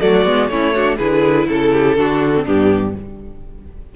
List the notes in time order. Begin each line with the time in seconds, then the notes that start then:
0.00 F#3 A3 F#4 D5
0.24 G#3 B3
0.48 A3 C#4 E4 C#5
0.74 D4 F#4
0.97 D3 E4 G#4 B4
1.48 C#3 A4
1.73 G4
1.97 D3 D4 F#4
2.35 C4
2.43 G2 B3 D4 G4